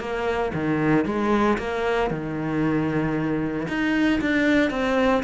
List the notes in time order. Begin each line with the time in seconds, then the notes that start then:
0.00 A#3
0.54 D#3
1.05 G#3
1.58 A#3
2.11 D#3
3.68 D#4
4.21 D4
4.71 C4